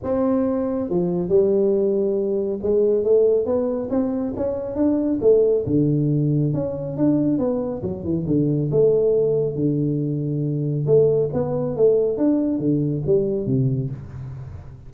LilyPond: \new Staff \with { instrumentName = "tuba" } { \time 4/4 \tempo 4 = 138 c'2 f4 g4~ | g2 gis4 a4 | b4 c'4 cis'4 d'4 | a4 d2 cis'4 |
d'4 b4 fis8 e8 d4 | a2 d2~ | d4 a4 b4 a4 | d'4 d4 g4 c4 | }